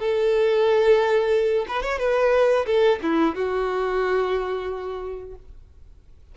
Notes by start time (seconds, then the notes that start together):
0.00 A4
1.68 B4
1.83 C#5
1.99 B4
2.66 A4
3.03 E4
3.36 F#4